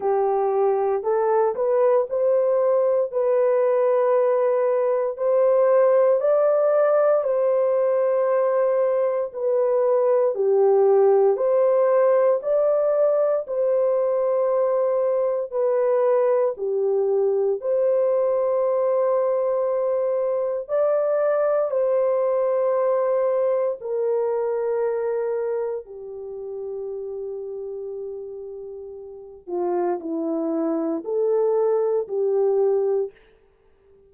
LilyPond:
\new Staff \with { instrumentName = "horn" } { \time 4/4 \tempo 4 = 58 g'4 a'8 b'8 c''4 b'4~ | b'4 c''4 d''4 c''4~ | c''4 b'4 g'4 c''4 | d''4 c''2 b'4 |
g'4 c''2. | d''4 c''2 ais'4~ | ais'4 g'2.~ | g'8 f'8 e'4 a'4 g'4 | }